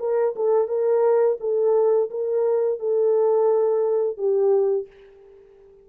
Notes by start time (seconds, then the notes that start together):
0.00 A#4
0.36 A4
0.68 A#4
1.40 A4
2.11 A#4
2.80 A4
4.18 G4